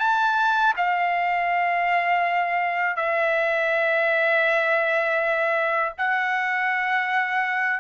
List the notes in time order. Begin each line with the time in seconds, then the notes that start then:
0.00 A5
0.77 F5
2.97 E5
5.98 F#5